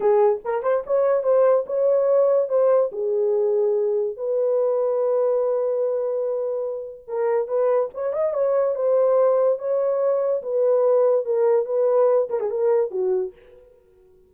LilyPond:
\new Staff \with { instrumentName = "horn" } { \time 4/4 \tempo 4 = 144 gis'4 ais'8 c''8 cis''4 c''4 | cis''2 c''4 gis'4~ | gis'2 b'2~ | b'1~ |
b'4 ais'4 b'4 cis''8 dis''8 | cis''4 c''2 cis''4~ | cis''4 b'2 ais'4 | b'4. ais'16 gis'16 ais'4 fis'4 | }